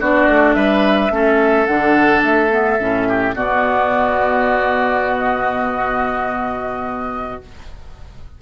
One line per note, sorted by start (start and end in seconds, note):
0.00 0.27 B3
0.00 1.11 D4
0.00 0.56 F#4
0.00 0.54 D5
0.27 0.55 A3
0.54 1.10 G3
0.54 1.12 B4
0.54 1.66 E5
1.10 1.66 A3
1.10 1.67 C#4
1.10 3.09 A4
1.66 2.23 D3
1.66 2.50 D4
1.66 2.22 F#5
2.23 2.79 A3
2.23 3.36 E5
2.50 2.78 B3
2.79 3.34 A2
2.79 3.35 C#4
3.09 3.35 G4
3.34 7.41 B2
3.34 7.41 B3
3.34 7.42 F#4
3.34 5.17 D5
5.17 7.42 D#5